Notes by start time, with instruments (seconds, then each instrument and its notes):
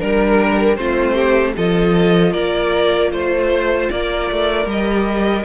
0.00 cello G3, viola D4, violin A#4
0.76 cello A3, viola C4, violin F4 C5
1.14 violin G4
1.56 cello F3, viola F4, violin A4 D#5
2.32 cello A#3, violin A#4 D5
3.12 cello A3, violin C5
3.91 cello A#3, violin A#4 D5
4.31 cello A3
4.66 cello G3, viola G4, violin D#5